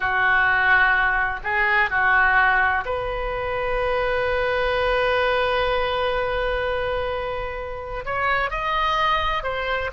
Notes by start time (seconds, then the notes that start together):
0.00 F#4
1.43 G#4
1.89 F#4
2.85 B4
8.05 C#5
8.50 D#5
9.43 C5